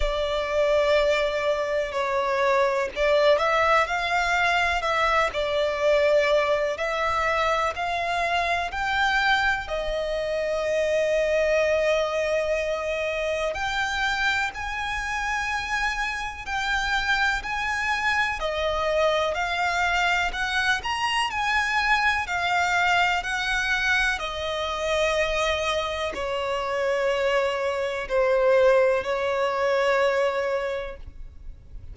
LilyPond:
\new Staff \with { instrumentName = "violin" } { \time 4/4 \tempo 4 = 62 d''2 cis''4 d''8 e''8 | f''4 e''8 d''4. e''4 | f''4 g''4 dis''2~ | dis''2 g''4 gis''4~ |
gis''4 g''4 gis''4 dis''4 | f''4 fis''8 ais''8 gis''4 f''4 | fis''4 dis''2 cis''4~ | cis''4 c''4 cis''2 | }